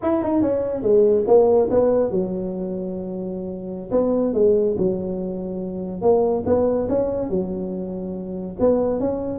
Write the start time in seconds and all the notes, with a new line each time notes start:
0.02 E4
0.23 D#4
0.41 C#4
0.82 G#3
1.27 A#3
1.70 B3
2.10 F#3
3.91 B3
4.33 G#3
4.78 F#3
6.01 A#3
6.46 B3
6.89 C#4
7.29 F#3
8.59 B3
9.00 C#4